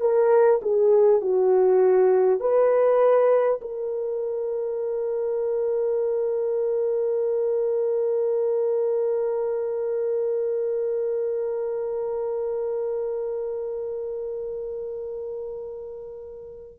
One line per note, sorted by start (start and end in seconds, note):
0.00 0.60 A#4
0.62 1.21 G#4
1.21 2.40 F#4
2.40 3.60 B4
3.61 16.79 A#4